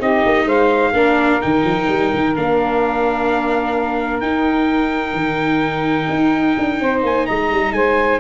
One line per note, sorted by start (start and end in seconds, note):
0.00 0.24 C4
0.00 0.94 D#4
0.00 0.47 G4
0.00 0.49 D#5
0.25 0.46 A#3
0.46 0.92 G#3
0.46 0.93 C5
0.46 1.42 F5
0.93 1.40 A#3
0.93 1.41 D4
0.93 6.82 A#4
1.41 1.64 D#3
1.41 2.35 D#4
1.41 2.36 G5
1.64 1.88 F3
1.89 2.12 G3
2.14 2.36 D#3
2.36 4.22 A#3
2.36 4.22 D4
2.36 4.21 F5
4.21 5.14 D#4
4.21 8.21 D#4
4.21 7.02 G5
5.14 6.08 D#3
6.10 6.57 D#4
6.59 6.81 D4
6.81 7.03 C4
6.81 7.28 C5
7.03 7.27 A#3
7.03 7.27 G#5
7.27 7.51 G#3
7.27 7.75 D#5
7.27 7.73 A#5
7.51 7.72 G3
7.72 8.19 G#3
7.72 8.21 C5
7.72 8.20 G#5